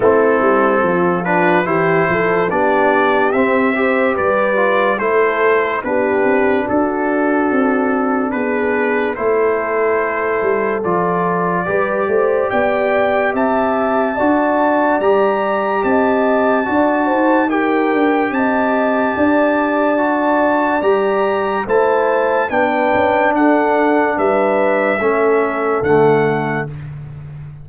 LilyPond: <<
  \new Staff \with { instrumentName = "trumpet" } { \time 4/4 \tempo 4 = 72 a'4. b'8 c''4 d''4 | e''4 d''4 c''4 b'4 | a'2 b'4 c''4~ | c''4 d''2 g''4 |
a''2 ais''4 a''4~ | a''4 g''4 a''2~ | a''4 ais''4 a''4 g''4 | fis''4 e''2 fis''4 | }
  \new Staff \with { instrumentName = "horn" } { \time 4/4 e'4 f'4 g'8 a'8 g'4~ | g'8 c''8 b'4 a'4 g'4 | fis'2 gis'4 a'4~ | a'2 b'8 c''8 d''4 |
e''4 d''2 dis''4 | d''8 c''8 ais'4 dis''4 d''4~ | d''2 c''4 b'4 | a'4 b'4 a'2 | }
  \new Staff \with { instrumentName = "trombone" } { \time 4/4 c'4. d'8 e'4 d'4 | c'8 g'4 f'8 e'4 d'4~ | d'2. e'4~ | e'4 f'4 g'2~ |
g'4 fis'4 g'2 | fis'4 g'2. | fis'4 g'4 e'4 d'4~ | d'2 cis'4 a4 | }
  \new Staff \with { instrumentName = "tuba" } { \time 4/4 a8 g8 f4 e8 f8 b4 | c'4 g4 a4 b8 c'8 | d'4 c'4 b4 a4~ | a8 g8 f4 g8 a8 b4 |
c'4 d'4 g4 c'4 | d'8 dis'4 d'8 c'4 d'4~ | d'4 g4 a4 b8 cis'8 | d'4 g4 a4 d4 | }
>>